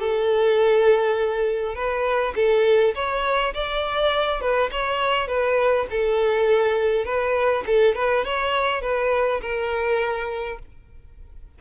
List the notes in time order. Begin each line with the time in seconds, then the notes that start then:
0.00 A4
1.75 B4
2.36 A4
2.95 C#5
3.54 D5
4.41 B4
4.72 C#5
5.28 B4
5.91 A4
7.05 B4
7.67 A4
7.95 B4
8.25 C#5
8.82 B4
9.41 A#4